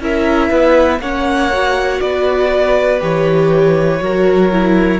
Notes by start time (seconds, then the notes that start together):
0.00 C#4 E4 A#4 E5
0.50 B3 B4
0.99 A#3 C#4 C#5 F#5
1.52 F#4
2.00 B3 B4 D5
2.99 E3 G4 C#5
4.01 F#3 F#4 A#4
4.51 E4